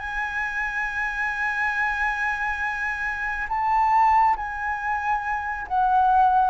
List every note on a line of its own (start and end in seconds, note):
0.00 3.48 G#5
3.49 4.36 A5
4.37 5.67 G#5
5.68 6.51 F#5